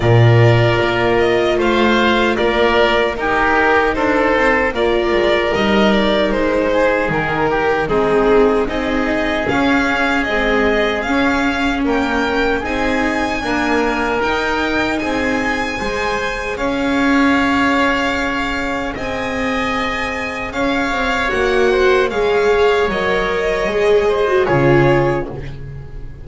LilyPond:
<<
  \new Staff \with { instrumentName = "violin" } { \time 4/4 \tempo 4 = 76 d''4. dis''8 f''4 d''4 | ais'4 c''4 d''4 dis''8 d''8 | c''4 ais'4 gis'4 dis''4 | f''4 dis''4 f''4 g''4 |
gis''2 g''4 gis''4~ | gis''4 f''2. | gis''2 f''4 fis''4 | f''4 dis''2 cis''4 | }
  \new Staff \with { instrumentName = "oboe" } { \time 4/4 ais'2 c''4 ais'4 | g'4 a'4 ais'2~ | ais'8 gis'4 g'8 dis'4 gis'4~ | gis'2. ais'4 |
gis'4 ais'2 gis'4 | c''4 cis''2. | dis''2 cis''4. c''8 | cis''2~ cis''8 c''8 gis'4 | }
  \new Staff \with { instrumentName = "viola" } { \time 4/4 f'1 | dis'2 f'4 dis'4~ | dis'2 c'4 dis'4 | cis'4 gis4 cis'2 |
dis'4 ais4 dis'2 | gis'1~ | gis'2. fis'4 | gis'4 ais'4 gis'8. fis'16 f'4 | }
  \new Staff \with { instrumentName = "double bass" } { \time 4/4 ais,4 ais4 a4 ais4 | dis'4 d'8 c'8 ais8 gis8 g4 | gis4 dis4 gis4 c'4 | cis'4 c'4 cis'4 ais4 |
c'4 d'4 dis'4 c'4 | gis4 cis'2. | c'2 cis'8 c'8 ais4 | gis4 fis4 gis4 cis4 | }
>>